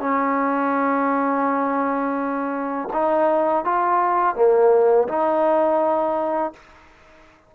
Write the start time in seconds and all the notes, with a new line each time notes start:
0.00 C#4
2.93 D#4
3.65 F4
4.36 A#3
5.09 D#4